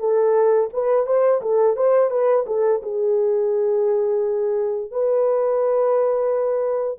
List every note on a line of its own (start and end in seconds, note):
0.00 0.70 A4
0.73 1.07 B4
1.07 1.41 C5
1.42 1.77 A4
1.77 2.11 C5
2.11 2.45 B4
2.47 2.82 A4
2.83 4.91 G#4
4.91 6.99 B4